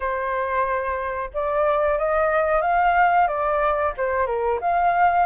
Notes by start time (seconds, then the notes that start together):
0.00 C5
1.33 D5
1.98 D#5
2.61 F5
3.27 D5
3.97 C5
4.26 A#4
4.60 F5